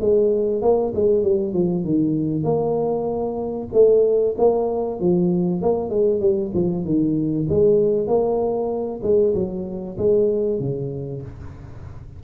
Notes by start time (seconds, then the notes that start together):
0.00 G#3
0.62 A#3
0.95 G#3
1.23 G3
1.53 F3
1.84 D#3
2.43 A#3
3.73 A3
4.38 A#3
5.00 F3
5.62 A#3
5.89 G#3
6.20 G3
6.54 F3
6.85 D#3
7.49 G#3
8.07 A#3
9.03 G#3
9.35 F#3
9.97 G#3
10.60 C#3